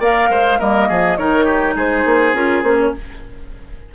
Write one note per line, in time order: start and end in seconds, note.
0.00 0.29 A#3
0.00 0.59 A#4
0.00 0.29 D5
0.00 0.60 F5
0.30 0.59 G#3
0.30 0.59 C5
0.59 0.89 G3
0.59 1.18 A#3
0.59 0.88 A#4
0.59 1.17 D#5
0.88 1.18 F3
0.88 1.17 G#4
1.17 1.75 D#3
1.17 2.34 D#4
1.17 1.45 A#4
1.17 1.75 C#5
1.45 1.74 G4
1.75 2.04 G#3
1.75 2.92 G#4
1.75 2.35 C5
2.05 2.33 A#3
2.33 2.62 C#4
2.33 2.63 F4
2.33 2.62 A#4
2.62 2.92 A#3
2.62 2.94 C#4
2.62 2.77 C5
2.79 2.94 C#5